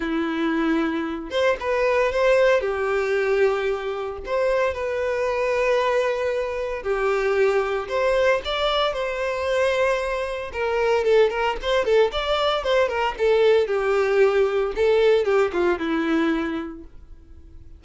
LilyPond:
\new Staff \with { instrumentName = "violin" } { \time 4/4 \tempo 4 = 114 e'2~ e'8 c''8 b'4 | c''4 g'2. | c''4 b'2.~ | b'4 g'2 c''4 |
d''4 c''2. | ais'4 a'8 ais'8 c''8 a'8 d''4 | c''8 ais'8 a'4 g'2 | a'4 g'8 f'8 e'2 | }